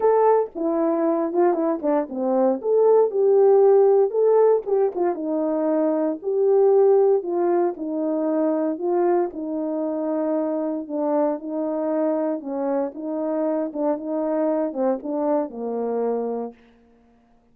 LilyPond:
\new Staff \with { instrumentName = "horn" } { \time 4/4 \tempo 4 = 116 a'4 e'4. f'8 e'8 d'8 | c'4 a'4 g'2 | a'4 g'8 f'8 dis'2 | g'2 f'4 dis'4~ |
dis'4 f'4 dis'2~ | dis'4 d'4 dis'2 | cis'4 dis'4. d'8 dis'4~ | dis'8 c'8 d'4 ais2 | }